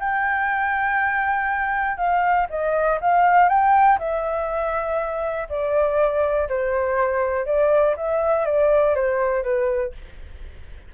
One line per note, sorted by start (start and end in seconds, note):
0.00 1.97 G5
1.97 2.47 F5
2.50 2.99 D#5
3.01 3.49 F5
3.49 3.98 G5
3.99 5.48 E5
5.49 6.48 D5
6.49 7.46 C5
7.46 7.95 D5
7.96 8.46 E5
8.46 8.95 D5
8.95 9.43 C5
9.43 9.93 B4